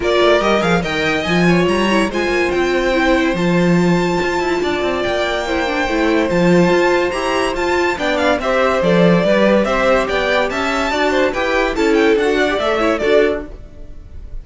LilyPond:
<<
  \new Staff \with { instrumentName = "violin" } { \time 4/4 \tempo 4 = 143 d''4 dis''8 f''8 g''4 gis''4 | ais''4 gis''4 g''2 | a''1 | g''2. a''4~ |
a''4 ais''4 a''4 g''8 f''8 | e''4 d''2 e''4 | g''4 a''2 g''4 | a''8 g''8 fis''4 e''4 d''4 | }
  \new Staff \with { instrumentName = "violin" } { \time 4/4 ais'2 dis''4. cis''8~ | cis''4 c''2.~ | c''2. d''4~ | d''4 c''2.~ |
c''2. d''4 | c''2 b'4 c''4 | d''4 e''4 d''8 c''8 b'4 | a'4. d''4 cis''8 a'4 | }
  \new Staff \with { instrumentName = "viola" } { \time 4/4 f'4 g'8 gis'8 ais'4 f'4~ | f'8 e'8 f'2 e'4 | f'1~ | f'4 e'8 d'8 e'4 f'4~ |
f'4 g'4 f'4 d'4 | g'4 a'4 g'2~ | g'2 fis'4 g'4 | e'4 fis'8. g'16 a'8 e'8 fis'4 | }
  \new Staff \with { instrumentName = "cello" } { \time 4/4 ais8 a8 g8 f8 dis4 f4 | g4 gis8 ais8 c'2 | f2 f'8 e'8 d'8 c'8 | ais2 a4 f4 |
f'4 e'4 f'4 b4 | c'4 f4 g4 c'4 | b4 cis'4 d'4 e'4 | cis'4 d'4 a4 d'4 | }
>>